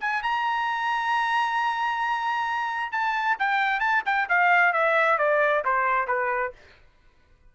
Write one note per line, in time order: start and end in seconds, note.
0.00 0.22 G#5
0.22 2.92 A#5
2.92 3.37 A5
3.39 3.80 G5
3.80 4.03 A5
4.05 4.28 G5
4.29 4.73 F5
4.73 5.18 E5
5.18 5.63 D5
5.64 6.07 C5
6.07 6.52 B4